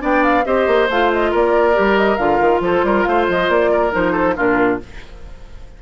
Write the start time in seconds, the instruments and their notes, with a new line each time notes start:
0.00 bassoon B3, clarinet D4, oboe D5, flute G5
0.24 flute F5
0.45 bassoon C4, clarinet G4, oboe C5, flute D#5
0.67 bassoon A#3
0.90 bassoon A3, clarinet F4, flute F5
1.13 flute D#5
1.31 bassoon A#3, oboe A#4, flute D5
1.74 bassoon G3, clarinet G4
1.98 flute D#5
2.17 bassoon D3, clarinet F4, flute F5
2.41 bassoon D#3
2.61 bassoon F3, oboe A4, flute C5
2.84 bassoon G3, oboe A#4
3.04 bassoon A3, oboe C5, flute F5
3.29 bassoon F3, flute D#5
3.49 bassoon A#3, flute D5
3.72 oboe A#4
3.91 bassoon F3, clarinet D#4, flute C5
4.13 oboe A4
4.37 bassoon A#2, clarinet D4, oboe F4, flute A#4